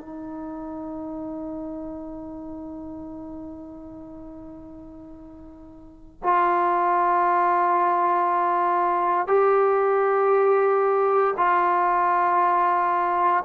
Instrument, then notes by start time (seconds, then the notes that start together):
trombone
0.00 D#4
6.23 F4
9.28 G4
11.37 F4